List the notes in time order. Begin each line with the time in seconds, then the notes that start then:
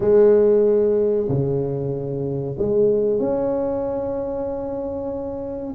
0.00 G#3
1.29 C#3
2.58 G#3
3.19 C#4